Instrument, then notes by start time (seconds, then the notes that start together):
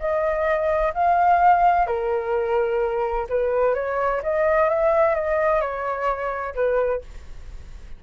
flute
0.00 D#5
0.95 F5
1.87 A#4
3.30 B4
3.75 C#5
4.23 D#5
4.70 E5
5.15 D#5
5.61 C#5
6.55 B4